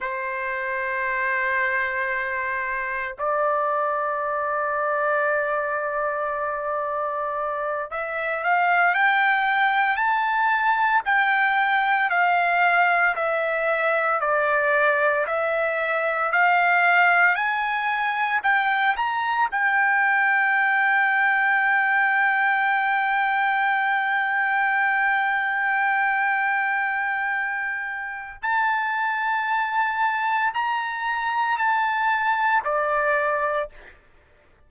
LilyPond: \new Staff \with { instrumentName = "trumpet" } { \time 4/4 \tempo 4 = 57 c''2. d''4~ | d''2.~ d''8 e''8 | f''8 g''4 a''4 g''4 f''8~ | f''8 e''4 d''4 e''4 f''8~ |
f''8 gis''4 g''8 ais''8 g''4.~ | g''1~ | g''2. a''4~ | a''4 ais''4 a''4 d''4 | }